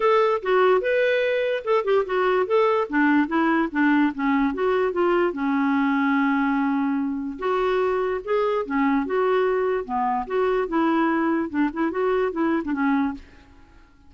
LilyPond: \new Staff \with { instrumentName = "clarinet" } { \time 4/4 \tempo 4 = 146 a'4 fis'4 b'2 | a'8 g'8 fis'4 a'4 d'4 | e'4 d'4 cis'4 fis'4 | f'4 cis'2.~ |
cis'2 fis'2 | gis'4 cis'4 fis'2 | b4 fis'4 e'2 | d'8 e'8 fis'4 e'8. d'16 cis'4 | }